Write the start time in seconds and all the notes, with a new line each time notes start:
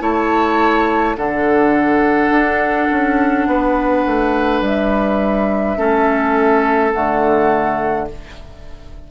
0.00 A3 E4 C#5 A5
1.17 D3 D4 A4 F#5
2.30 D4
2.91 C#4
3.47 B3 B4
4.06 A3
4.61 G3 E5
5.77 A3 C#4 A4
6.92 D3 A3 F#5